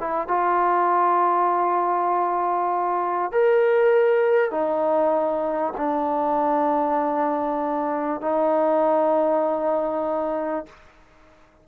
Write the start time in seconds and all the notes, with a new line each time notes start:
0.00 E4
0.28 F4
3.32 A#4
4.51 D#4
5.77 D4
8.22 D#4